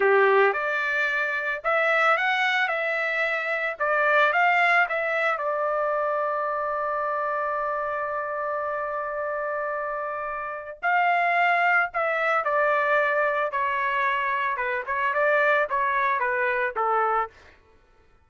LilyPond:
\new Staff \with { instrumentName = "trumpet" } { \time 4/4 \tempo 4 = 111 g'4 d''2 e''4 | fis''4 e''2 d''4 | f''4 e''4 d''2~ | d''1~ |
d''1 | f''2 e''4 d''4~ | d''4 cis''2 b'8 cis''8 | d''4 cis''4 b'4 a'4 | }